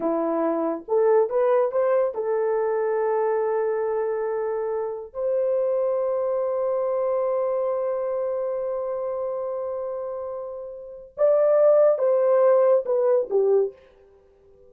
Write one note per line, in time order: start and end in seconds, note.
0.00 0.84 E4
0.87 1.29 A4
1.29 1.71 B4
1.71 2.14 C5
2.14 5.13 A4
5.13 11.13 C5
11.17 11.98 D5
11.98 12.84 C5
12.85 13.28 B4
13.30 13.73 G4